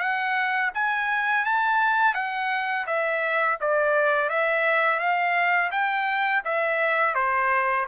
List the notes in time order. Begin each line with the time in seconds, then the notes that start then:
0.00 F#5
0.75 G#5
1.45 A5
2.15 F#5
2.87 E5
3.61 D5
4.30 E5
5.00 F5
5.72 G5
6.45 E5
7.15 C5